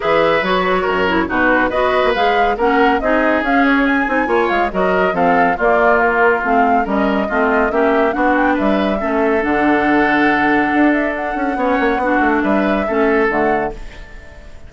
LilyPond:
<<
  \new Staff \with { instrumentName = "flute" } { \time 4/4 \tempo 4 = 140 e''4 cis''2 b'4 | dis''4 f''4 fis''4 dis''4 | f''8 cis''8 gis''4. f''8 dis''4 | f''4 d''4 ais'4 f''4 |
dis''2 e''4 fis''8 g''8 | e''2 fis''2~ | fis''4. e''8 fis''2~ | fis''4 e''2 fis''4 | }
  \new Staff \with { instrumentName = "oboe" } { \time 4/4 b'2 ais'4 fis'4 | b'2 ais'4 gis'4~ | gis'2 cis''4 ais'4 | a'4 f'2. |
ais'4 f'4 g'4 fis'4 | b'4 a'2.~ | a'2. cis''4 | fis'4 b'4 a'2 | }
  \new Staff \with { instrumentName = "clarinet" } { \time 4/4 gis'4 fis'4. e'8 dis'4 | fis'4 gis'4 cis'4 dis'4 | cis'4. dis'8 f'4 fis'4 | c'4 ais2 c'4 |
cis'4 c'4 cis'4 d'4~ | d'4 cis'4 d'2~ | d'2. cis'4 | d'2 cis'4 a4 | }
  \new Staff \with { instrumentName = "bassoon" } { \time 4/4 e4 fis4 fis,4 b,4 | b8. ais16 gis4 ais4 c'4 | cis'4. c'8 ais8 gis8 fis4 | f4 ais2 a4 |
g4 a4 ais4 b4 | g4 a4 d2~ | d4 d'4. cis'8 b8 ais8 | b8 a8 g4 a4 d4 | }
>>